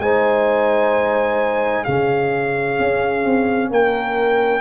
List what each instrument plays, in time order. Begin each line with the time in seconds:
0.00 tuba G#3, trombone D#4, horn C5, trumpet G#5
1.84 tuba C#3, trombone C#4, horn G#4, trumpet F5
2.80 tuba C#4
3.25 tuba C4
3.71 tuba A#3, horn A#4, trumpet G5